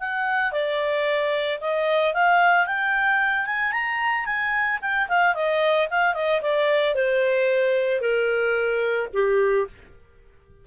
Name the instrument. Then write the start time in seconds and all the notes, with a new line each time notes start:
clarinet
0.00 F#5
0.52 D5
1.61 D#5
2.14 F5
2.67 G5
3.46 G#5
3.73 A#5
4.26 G#5
4.82 G5
5.08 F5
5.34 D#5
5.90 F5
6.14 D#5
6.42 D5
6.95 C5
8.01 A#4
9.13 G4